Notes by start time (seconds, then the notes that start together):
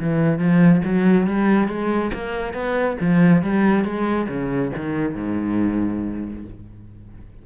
0.00 E3
0.38 F3
0.85 F#3
1.27 G3
1.68 G#3
2.14 A#3
2.54 B3
3.01 F3
3.43 G3
3.85 G#3
4.29 C#3
4.76 D#3
5.15 G#2